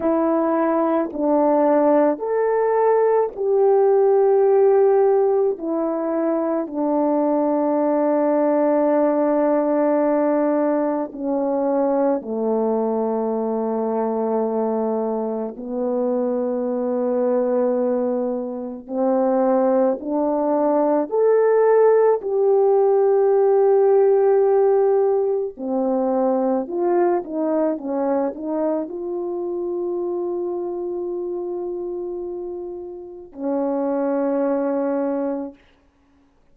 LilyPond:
\new Staff \with { instrumentName = "horn" } { \time 4/4 \tempo 4 = 54 e'4 d'4 a'4 g'4~ | g'4 e'4 d'2~ | d'2 cis'4 a4~ | a2 b2~ |
b4 c'4 d'4 a'4 | g'2. c'4 | f'8 dis'8 cis'8 dis'8 f'2~ | f'2 cis'2 | }